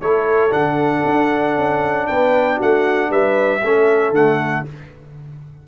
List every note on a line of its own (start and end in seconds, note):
0.00 0.52 A3
0.00 0.50 E4
0.00 2.09 A4
0.00 0.52 C#5
0.50 1.04 D3
0.50 3.60 D4
0.50 2.07 F#5
1.06 1.56 D4
1.56 2.08 C#4
2.07 2.61 B3
2.07 2.57 B4
2.07 2.59 G5
2.57 3.09 A3
2.57 3.09 F#4
2.57 3.12 F#5
3.09 3.61 G3
3.09 3.62 B4
3.09 4.14 E5
3.62 4.10 A3
3.62 4.14 C#4
3.62 4.67 A4
4.10 4.62 D3
4.10 4.66 A3
4.10 4.66 F#5